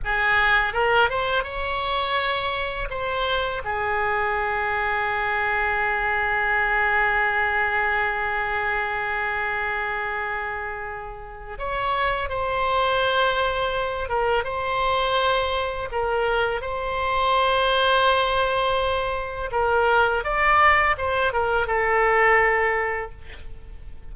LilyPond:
\new Staff \with { instrumentName = "oboe" } { \time 4/4 \tempo 4 = 83 gis'4 ais'8 c''8 cis''2 | c''4 gis'2.~ | gis'1~ | gis'1 |
cis''4 c''2~ c''8 ais'8 | c''2 ais'4 c''4~ | c''2. ais'4 | d''4 c''8 ais'8 a'2 | }